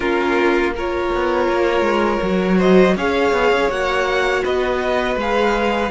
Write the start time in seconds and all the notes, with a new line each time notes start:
0.00 A#3 C#4 F4 A#4
0.74 F4 A#4 C#5
1.14 B3
1.48 A#3
1.80 G#3
2.22 F#3 F#4
2.57 C5 D#5
2.96 C#4 G#4 C#5 F5
3.32 B3
3.51 C#4
3.69 A#3 F#4 F#5
4.44 B3 B4 D#5
5.15 G#3 G#4 F5